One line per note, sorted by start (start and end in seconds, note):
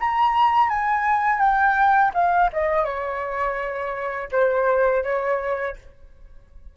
0.00 0.69 A#5
0.69 1.40 G#5
1.40 2.12 G5
2.14 2.50 F5
2.53 2.84 D#5
2.84 4.29 C#5
4.31 5.04 C5
5.04 5.76 C#5